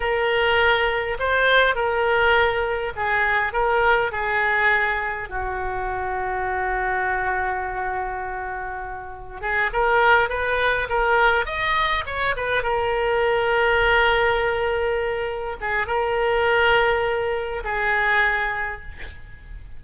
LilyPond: \new Staff \with { instrumentName = "oboe" } { \time 4/4 \tempo 4 = 102 ais'2 c''4 ais'4~ | ais'4 gis'4 ais'4 gis'4~ | gis'4 fis'2.~ | fis'1 |
gis'8 ais'4 b'4 ais'4 dis''8~ | dis''8 cis''8 b'8 ais'2~ ais'8~ | ais'2~ ais'8 gis'8 ais'4~ | ais'2 gis'2 | }